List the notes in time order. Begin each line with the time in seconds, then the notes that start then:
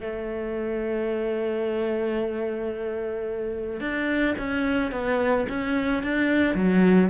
0.00 A3
3.80 D4
4.38 C#4
4.91 B3
5.49 C#4
6.03 D4
6.55 F#3